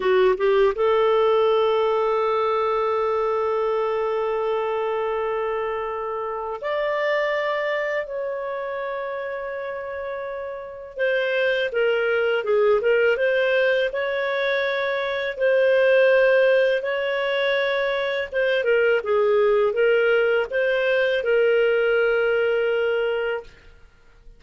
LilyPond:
\new Staff \with { instrumentName = "clarinet" } { \time 4/4 \tempo 4 = 82 fis'8 g'8 a'2.~ | a'1~ | a'4 d''2 cis''4~ | cis''2. c''4 |
ais'4 gis'8 ais'8 c''4 cis''4~ | cis''4 c''2 cis''4~ | cis''4 c''8 ais'8 gis'4 ais'4 | c''4 ais'2. | }